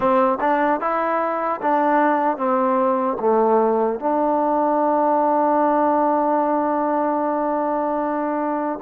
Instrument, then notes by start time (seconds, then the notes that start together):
trombone
0.00 C4
0.40 D4
0.80 E4
1.61 D4
2.37 C4
3.19 A3
3.99 D4